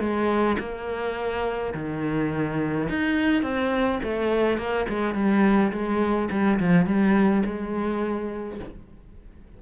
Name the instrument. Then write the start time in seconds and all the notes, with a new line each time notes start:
cello
0.00 G#3
0.60 A#3
1.75 D#3
2.90 D#4
3.43 C4
4.04 A3
4.58 A#3
4.89 G#3
5.15 G3
5.72 G#3
6.31 G3
6.60 F3
6.86 G3
7.46 G#3